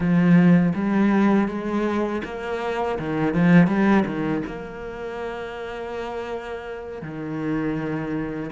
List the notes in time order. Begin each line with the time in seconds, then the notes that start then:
0.00 F3
0.74 G3
1.48 G#3
2.24 A#3
2.98 D#3
3.33 F3
3.67 G3
4.05 D#3
4.46 A#3
7.02 D#3